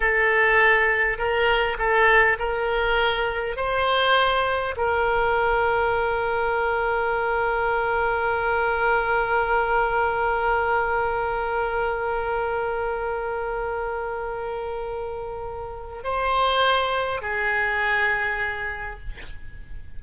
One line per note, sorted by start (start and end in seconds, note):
0.00 1.17 A4
1.17 1.77 A#4
1.78 2.37 A4
2.38 3.56 A#4
3.56 4.75 C5
4.76 16.03 A#4
16.03 17.21 C5
17.21 18.99 G#4